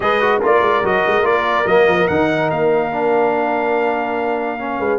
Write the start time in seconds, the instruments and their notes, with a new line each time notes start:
0.00 tuba G#3, trombone G#4, horn B4, trumpet D#5
0.20 trombone F#4
0.39 tuba A#3, trombone F4, horn A#4, trumpet D5
0.61 tuba G#3
0.82 tuba F#3, trombone F#4, trumpet D#5
1.06 tuba G#3
1.21 tuba A#3, trombone F4, trumpet D5
1.65 tuba F#3, trombone A#3, trumpet D#5
1.87 tuba F3
2.07 tuba D#3, trombone D#4, trumpet F#5
2.50 tuba A#3, trumpet F5
2.92 trombone D4
4.58 trombone C#4
4.79 tuba G#3, horn B4